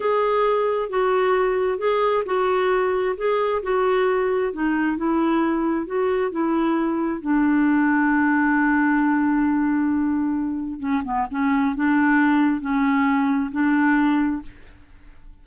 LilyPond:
\new Staff \with { instrumentName = "clarinet" } { \time 4/4 \tempo 4 = 133 gis'2 fis'2 | gis'4 fis'2 gis'4 | fis'2 dis'4 e'4~ | e'4 fis'4 e'2 |
d'1~ | d'1 | cis'8 b8 cis'4 d'2 | cis'2 d'2 | }